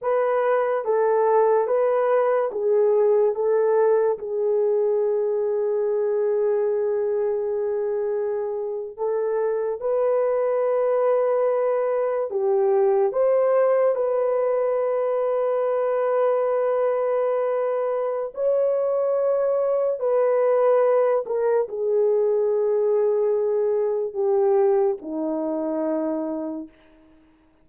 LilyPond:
\new Staff \with { instrumentName = "horn" } { \time 4/4 \tempo 4 = 72 b'4 a'4 b'4 gis'4 | a'4 gis'2.~ | gis'2~ gis'8. a'4 b'16~ | b'2~ b'8. g'4 c''16~ |
c''8. b'2.~ b'16~ | b'2 cis''2 | b'4. ais'8 gis'2~ | gis'4 g'4 dis'2 | }